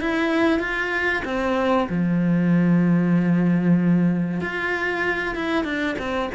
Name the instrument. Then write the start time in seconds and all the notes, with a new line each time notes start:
cello
0.00 E4
0.59 F4
1.25 C4
1.89 F3
4.41 F4
5.35 E4
5.64 D4
5.99 C4